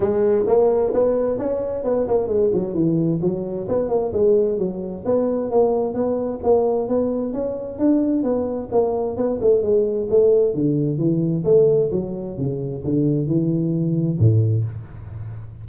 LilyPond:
\new Staff \with { instrumentName = "tuba" } { \time 4/4 \tempo 4 = 131 gis4 ais4 b4 cis'4 | b8 ais8 gis8 fis8 e4 fis4 | b8 ais8 gis4 fis4 b4 | ais4 b4 ais4 b4 |
cis'4 d'4 b4 ais4 | b8 a8 gis4 a4 d4 | e4 a4 fis4 cis4 | d4 e2 a,4 | }